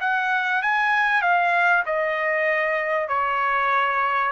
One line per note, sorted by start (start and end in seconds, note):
0.00 0.62 F#5
0.62 1.21 G#5
1.21 1.83 F5
1.85 3.08 D#5
3.08 4.31 C#5